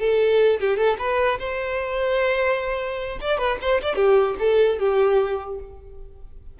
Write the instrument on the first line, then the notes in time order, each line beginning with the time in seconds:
violin
0.00 A4
0.61 G4
0.77 A4
0.99 B4
1.39 C5
3.21 D5
3.38 B4
3.62 C5
3.83 D5
3.96 G4
4.39 A4
4.79 G4